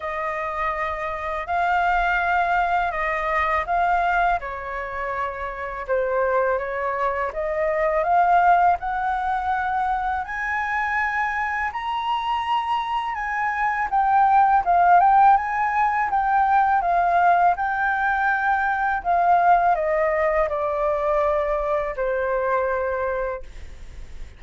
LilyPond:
\new Staff \with { instrumentName = "flute" } { \time 4/4 \tempo 4 = 82 dis''2 f''2 | dis''4 f''4 cis''2 | c''4 cis''4 dis''4 f''4 | fis''2 gis''2 |
ais''2 gis''4 g''4 | f''8 g''8 gis''4 g''4 f''4 | g''2 f''4 dis''4 | d''2 c''2 | }